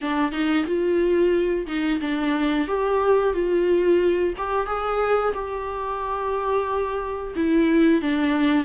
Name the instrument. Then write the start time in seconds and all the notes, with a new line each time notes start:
viola
0.01 D4
0.32 D#4
0.66 F4
1.66 D#4
2.01 D4
2.67 G4
3.33 F4
4.37 G4
4.66 G#4
5.34 G4
7.35 E4
8.01 D4